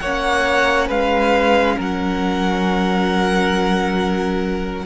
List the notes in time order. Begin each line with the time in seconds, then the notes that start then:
0.00 A#3 C#4 C#5 F#5
0.88 G#3 B4 F5
1.77 F#3 A#4 F#5